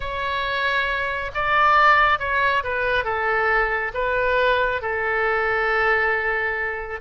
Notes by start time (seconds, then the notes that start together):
0.00 C#5
1.34 D5
2.19 C#5
2.63 B4
3.04 A4
3.93 B4
4.81 A4